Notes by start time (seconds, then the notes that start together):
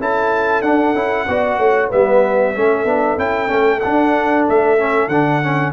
0.00 C#4 E4 A4 A5
0.62 D4 F#5
0.94 C#4 E4
1.28 B3 F#4 D5
1.59 A3 C#5
1.89 G3 B3 B4 E5
2.55 A3 C#4 A4
2.85 B3 D4
3.18 C#4 E4 G5
3.48 A3 C#4
3.81 D4 F#5
4.50 A3 E5
4.79 C#4
5.08 D3 D4 F#5
5.43 C#4